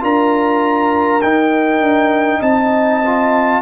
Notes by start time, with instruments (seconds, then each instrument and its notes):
0.00 tuba D4, trombone F4, horn A#4, trumpet A#5
1.21 tuba D#4, trombone D#4, trumpet G5
1.80 tuba D4
2.40 tuba C4, horn D#5, trumpet A5
3.06 trombone F4